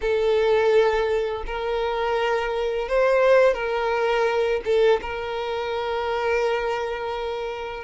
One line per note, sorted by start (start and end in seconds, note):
0.01 1.44 A4
1.46 2.88 A#4
2.88 3.54 C5
3.54 4.61 A#4
4.64 5.00 A4
5.01 7.84 A#4